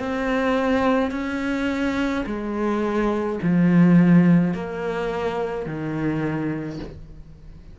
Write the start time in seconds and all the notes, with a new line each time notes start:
0.00 C4
1.12 C#4
2.26 G#3
3.42 F3
4.54 A#3
5.66 D#3